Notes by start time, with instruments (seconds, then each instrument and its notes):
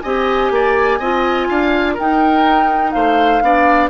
0.00 bassoon C4, clarinet G4, oboe D#5, flute G#5
0.50 bassoon A#3, oboe D5
0.99 bassoon C4, clarinet F4, oboe D#5
1.48 bassoon D4, oboe F5
1.94 clarinet D#4, bassoon D#4, oboe A#4, flute G5
2.91 bassoon A3, oboe C5, flute F5
3.42 bassoon B3, clarinet D4, oboe D5